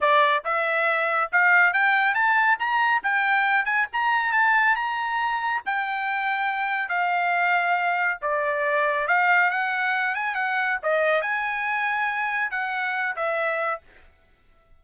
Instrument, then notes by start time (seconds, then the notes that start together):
trumpet
0.00 D5
0.44 E5
1.32 F5
1.73 G5
2.14 A5
2.59 A#5
3.03 G5
3.65 G#5
3.93 A#5
4.32 A5
4.75 A#5
5.65 G5
6.88 F5
8.21 D5
9.07 F5
9.50 F#5
10.15 G#5
10.35 F#5
10.82 D#5
11.21 G#5
12.51 F#5
13.15 E5